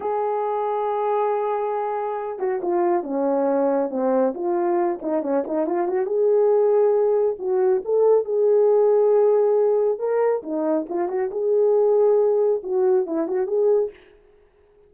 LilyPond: \new Staff \with { instrumentName = "horn" } { \time 4/4 \tempo 4 = 138 gis'1~ | gis'4. fis'8 f'4 cis'4~ | cis'4 c'4 f'4. dis'8 | cis'8 dis'8 f'8 fis'8 gis'2~ |
gis'4 fis'4 a'4 gis'4~ | gis'2. ais'4 | dis'4 f'8 fis'8 gis'2~ | gis'4 fis'4 e'8 fis'8 gis'4 | }